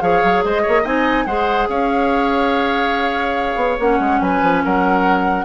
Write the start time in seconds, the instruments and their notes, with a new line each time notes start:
0.00 bassoon F3, clarinet G#4, oboe C#5, flute F5
0.24 bassoon F#3
0.44 bassoon G#3, oboe C5, flute D#5
0.62 oboe C#5
0.68 bassoon A#3
0.83 bassoon C4, clarinet D#4, oboe D#5, flute G#5
1.26 bassoon G#3, clarinet G#4, oboe C5, flute F#5
1.69 bassoon C#4, oboe C#5, flute F5
3.56 bassoon B3
3.79 bassoon A#3, clarinet C#4, flute F#5
3.99 bassoon G#3
4.21 bassoon F#3, oboe B4, flute G#5
4.42 bassoon F3
4.64 bassoon F#3, oboe A#4, flute F#5